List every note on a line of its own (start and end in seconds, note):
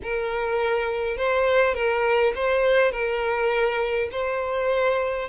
0.03 1.17 A#4
1.17 1.74 C5
1.74 2.33 A#4
2.35 2.91 C5
2.91 4.09 A#4
4.11 5.29 C5